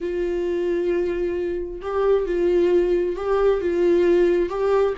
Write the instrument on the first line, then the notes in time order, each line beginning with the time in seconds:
viola
0.00 F4
1.81 G4
2.26 F4
3.16 G4
3.60 F4
4.49 G4